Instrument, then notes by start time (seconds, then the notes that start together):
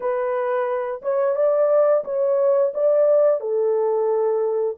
horn
0.00 B4
1.02 C#5
1.35 D5
2.04 C#5
2.74 D5
3.40 A4